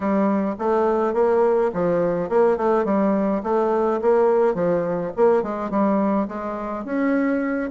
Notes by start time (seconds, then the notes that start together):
0.00 G3
0.58 A3
1.13 A#3
1.73 F3
2.29 A#3
2.57 A3
2.84 G3
3.43 A3
4.01 A#3
4.54 F3
5.16 A#3
5.42 G#3
5.70 G3
6.28 G#3
6.84 C#4